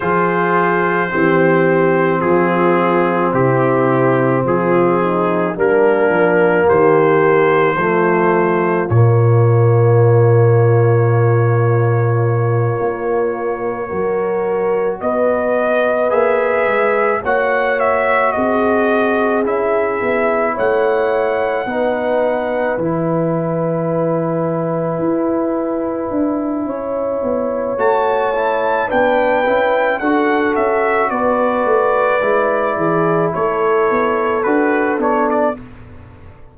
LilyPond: <<
  \new Staff \with { instrumentName = "trumpet" } { \time 4/4 \tempo 4 = 54 c''2 gis'4 g'4 | gis'4 ais'4 c''2 | cis''1~ | cis''4. dis''4 e''4 fis''8 |
e''8 dis''4 e''4 fis''4.~ | fis''8 gis''2.~ gis''8~ | gis''4 a''4 g''4 fis''8 e''8 | d''2 cis''4 b'8 cis''16 d''16 | }
  \new Staff \with { instrumentName = "horn" } { \time 4/4 gis'4 g'4 f'4 e'4 | f'8 dis'8 d'4 g'4 f'4~ | f'1~ | f'8 ais'4 b'2 cis''8~ |
cis''8 gis'2 cis''4 b'8~ | b'1 | cis''2 b'4 a'4 | b'4. gis'8 a'2 | }
  \new Staff \with { instrumentName = "trombone" } { \time 4/4 f'4 c'2.~ | c'4 ais2 a4 | ais1~ | ais8 fis'2 gis'4 fis'8~ |
fis'4. e'2 dis'8~ | dis'8 e'2.~ e'8~ | e'4 fis'8 e'8 d'8 e'8 fis'4~ | fis'4 e'2 fis'8 d'8 | }
  \new Staff \with { instrumentName = "tuba" } { \time 4/4 f4 e4 f4 c4 | f4 g8 f8 dis4 f4 | ais,2.~ ais,8 ais8~ | ais8 fis4 b4 ais8 gis8 ais8~ |
ais8 c'4 cis'8 b8 a4 b8~ | b8 e2 e'4 d'8 | cis'8 b8 a4 b8 cis'8 d'8 cis'8 | b8 a8 gis8 e8 a8 b8 d'8 b8 | }
>>